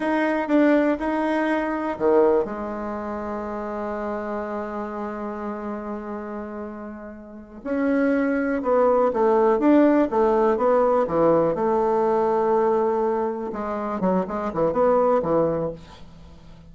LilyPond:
\new Staff \with { instrumentName = "bassoon" } { \time 4/4 \tempo 4 = 122 dis'4 d'4 dis'2 | dis4 gis2.~ | gis1~ | gis2.~ gis8 cis'8~ |
cis'4. b4 a4 d'8~ | d'8 a4 b4 e4 a8~ | a2.~ a8 gis8~ | gis8 fis8 gis8 e8 b4 e4 | }